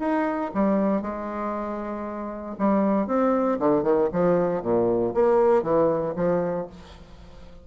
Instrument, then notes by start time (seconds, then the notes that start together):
bassoon
0.00 D#4
0.55 G3
1.02 G#3
2.59 G3
3.08 C4
3.60 D3
3.83 D#3
4.13 F3
4.63 A#2
5.15 A#3
5.63 E3
6.16 F3